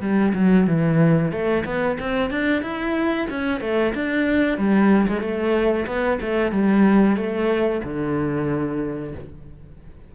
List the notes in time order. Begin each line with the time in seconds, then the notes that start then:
0.00 G3
0.34 F#3
0.66 E3
1.31 A3
1.65 B3
1.99 C4
2.30 D4
2.62 E4
3.29 C#4
3.60 A3
3.94 D4
4.57 G3
5.07 G#3
5.21 A3
5.86 B3
6.20 A3
6.51 G3
7.16 A3
7.83 D3